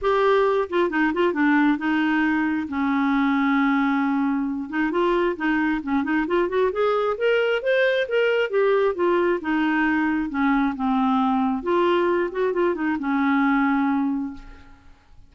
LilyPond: \new Staff \with { instrumentName = "clarinet" } { \time 4/4 \tempo 4 = 134 g'4. f'8 dis'8 f'8 d'4 | dis'2 cis'2~ | cis'2~ cis'8 dis'8 f'4 | dis'4 cis'8 dis'8 f'8 fis'8 gis'4 |
ais'4 c''4 ais'4 g'4 | f'4 dis'2 cis'4 | c'2 f'4. fis'8 | f'8 dis'8 cis'2. | }